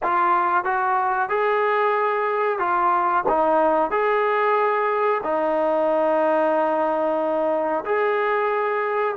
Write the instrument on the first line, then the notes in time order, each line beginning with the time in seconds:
trombone
0.03 F4
0.64 F#4
1.29 G#4
2.58 F4
3.28 D#4
3.90 G#4
5.23 D#4
7.85 G#4